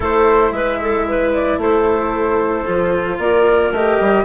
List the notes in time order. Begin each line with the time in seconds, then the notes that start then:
0.00 A3 E4 A4 C5
0.51 G#3 B4 E5
0.81 A4
1.07 B4
1.33 D5
1.57 A3 A4 C5
2.66 F3 F4
3.18 A#3 A#4 D5
3.72 A3 G4 D#5
4.00 G3